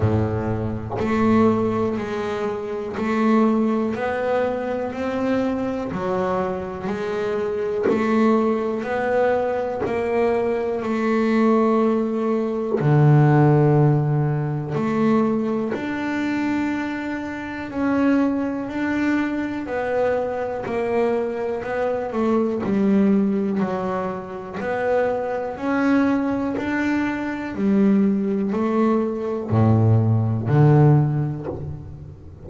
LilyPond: \new Staff \with { instrumentName = "double bass" } { \time 4/4 \tempo 4 = 61 a,4 a4 gis4 a4 | b4 c'4 fis4 gis4 | a4 b4 ais4 a4~ | a4 d2 a4 |
d'2 cis'4 d'4 | b4 ais4 b8 a8 g4 | fis4 b4 cis'4 d'4 | g4 a4 a,4 d4 | }